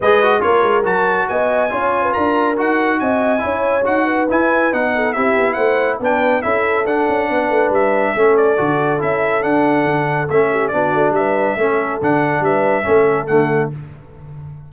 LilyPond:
<<
  \new Staff \with { instrumentName = "trumpet" } { \time 4/4 \tempo 4 = 140 dis''4 cis''4 a''4 gis''4~ | gis''4 ais''4 fis''4 gis''4~ | gis''4 fis''4 gis''4 fis''4 | e''4 fis''4 g''4 e''4 |
fis''2 e''4. d''8~ | d''4 e''4 fis''2 | e''4 d''4 e''2 | fis''4 e''2 fis''4 | }
  \new Staff \with { instrumentName = "horn" } { \time 4/4 b'4 ais'2 dis''4 | cis''8. b'16 ais'2 dis''4 | cis''4. b'2 a'8 | g'4 c''4 b'4 a'4~ |
a'4 b'2 a'4~ | a'1~ | a'8 g'8 fis'4 b'4 a'4~ | a'4 b'4 a'2 | }
  \new Staff \with { instrumentName = "trombone" } { \time 4/4 gis'8 fis'8 f'4 fis'2 | f'2 fis'2 | e'4 fis'4 e'4 dis'4 | e'2 d'4 e'4 |
d'2. cis'4 | fis'4 e'4 d'2 | cis'4 d'2 cis'4 | d'2 cis'4 a4 | }
  \new Staff \with { instrumentName = "tuba" } { \time 4/4 gis4 ais8 gis8 fis4 b4 | cis'4 d'4 dis'4 c'4 | cis'4 dis'4 e'4 b4 | c'8 b8 a4 b4 cis'4 |
d'8 cis'8 b8 a8 g4 a4 | d4 cis'4 d'4 d4 | a4 b8 a8 g4 a4 | d4 g4 a4 d4 | }
>>